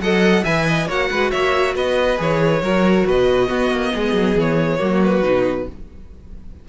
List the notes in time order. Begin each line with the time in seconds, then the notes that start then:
0.00 F#3 A4 D#5 F#5
0.43 E3 B4 E5 G#5
0.67 D#5
0.86 A#3 F#4 C#5 F#5
1.10 G#3 B4
1.31 A#3 C#5 E5
1.75 B3 B4 D#5
2.17 E3 G#4 C#5
2.61 F#3 F#4 A#4
3.06 B2 B4 D#5
3.47 B3 F#4
3.70 A#3
3.94 G#3 G#4
4.13 F#3
4.35 E3 C#5
4.78 F#3 A#3 F#4
5.03 B4
5.22 B2 D#4